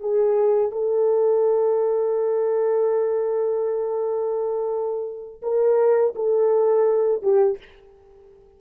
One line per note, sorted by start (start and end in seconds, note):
0.00 0.72 G#4
0.72 5.42 A4
5.42 6.14 A#4
6.15 7.22 A4
7.22 7.58 G4